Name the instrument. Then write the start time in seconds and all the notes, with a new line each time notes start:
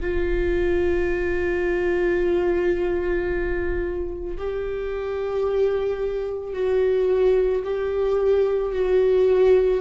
viola
0.00 F4
4.37 G4
6.53 F#4
7.64 G4
8.72 F#4